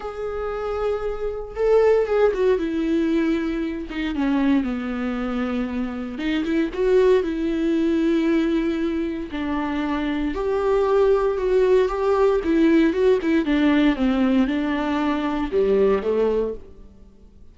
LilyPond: \new Staff \with { instrumentName = "viola" } { \time 4/4 \tempo 4 = 116 gis'2. a'4 | gis'8 fis'8 e'2~ e'8 dis'8 | cis'4 b2. | dis'8 e'8 fis'4 e'2~ |
e'2 d'2 | g'2 fis'4 g'4 | e'4 fis'8 e'8 d'4 c'4 | d'2 g4 a4 | }